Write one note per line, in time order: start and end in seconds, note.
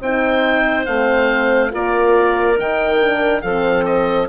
0.00 0.86 C4
0.00 0.86 D#4
0.00 1.71 C5
0.00 0.86 G5
0.86 1.72 A3
0.86 1.70 C4
0.86 1.71 F5
1.70 2.59 A#3
1.70 2.56 F4
1.70 3.42 A#4
1.70 2.59 D5
2.57 3.43 D#3
2.57 2.99 D#4
2.57 3.41 G5
3.01 3.44 D4
3.41 4.28 F3
3.41 4.28 C4
3.41 4.28 A4
3.41 3.84 F5
3.85 4.28 D#5